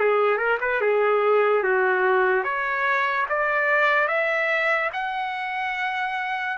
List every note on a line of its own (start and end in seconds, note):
0.00 0.38 G#4
0.38 0.58 A#4
0.61 0.81 B4
0.81 1.64 G#4
1.64 2.44 F#4
2.44 3.27 C#5
3.30 4.08 D5
4.08 4.91 E5
4.94 6.58 F#5